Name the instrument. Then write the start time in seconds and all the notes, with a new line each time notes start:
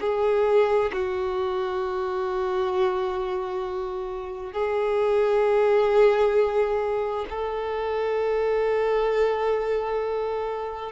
violin
0.00 G#4
0.93 F#4
4.52 G#4
7.29 A4